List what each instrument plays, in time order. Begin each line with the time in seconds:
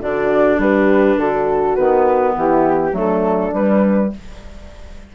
0.00 bassoon D3, clarinet D4, horn F#4, flute D5
0.58 bassoon G3, horn G4, flute B4
1.18 bassoon D3, horn F#4, flute A4
1.76 bassoon D#3, clarinet B3, flute B4
2.35 bassoon E3, horn E4, flute G4
2.92 bassoon F#3, clarinet A3, horn D4, flute A4
3.53 bassoon G3, clarinet G3, flute B4